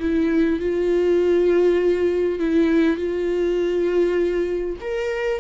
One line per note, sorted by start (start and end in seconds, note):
0.00 0.60 E4
0.60 2.39 F4
2.39 2.97 E4
2.97 4.77 F4
4.81 5.41 A#4